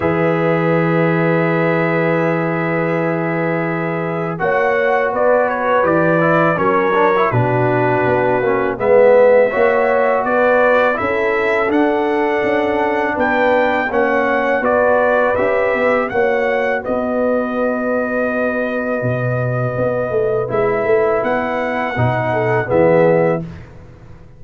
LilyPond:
<<
  \new Staff \with { instrumentName = "trumpet" } { \time 4/4 \tempo 4 = 82 e''1~ | e''2 fis''4 d''8 cis''8 | d''4 cis''4 b'2 | e''2 d''4 e''4 |
fis''2 g''4 fis''4 | d''4 e''4 fis''4 dis''4~ | dis''1 | e''4 fis''2 e''4 | }
  \new Staff \with { instrumentName = "horn" } { \time 4/4 b'1~ | b'2 cis''4 b'4~ | b'4 ais'4 fis'2 | b'4 cis''4 b'4 a'4~ |
a'2 b'4 cis''4 | b'2 cis''4 b'4~ | b'1~ | b'2~ b'8 a'8 gis'4 | }
  \new Staff \with { instrumentName = "trombone" } { \time 4/4 gis'1~ | gis'2 fis'2 | g'8 e'8 cis'8 d'16 e'16 d'4. cis'8 | b4 fis'2 e'4 |
d'2. cis'4 | fis'4 g'4 fis'2~ | fis'1 | e'2 dis'4 b4 | }
  \new Staff \with { instrumentName = "tuba" } { \time 4/4 e1~ | e2 ais4 b4 | e4 fis4 b,4 b8 ais8 | gis4 ais4 b4 cis'4 |
d'4 cis'4 b4 ais4 | b4 cis'8 b8 ais4 b4~ | b2 b,4 b8 a8 | gis8 a8 b4 b,4 e4 | }
>>